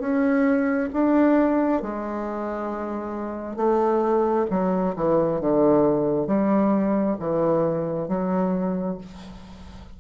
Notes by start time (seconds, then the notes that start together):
0.00 C#4
0.94 D4
1.83 G#3
3.57 A3
4.51 F#3
4.96 E3
5.41 D3
6.27 G3
7.20 E3
8.09 F#3